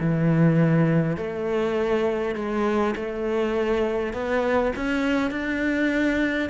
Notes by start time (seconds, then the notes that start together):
0.00 E3
1.17 A3
2.35 G#3
2.96 A3
4.13 B3
4.76 C#4
5.31 D4